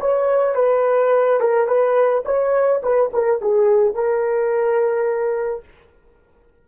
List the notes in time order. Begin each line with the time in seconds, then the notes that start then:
0.00 C#5
0.55 B4
1.40 A#4
1.67 B4
2.25 C#5
2.83 B4
3.13 A#4
3.41 G#4
3.94 A#4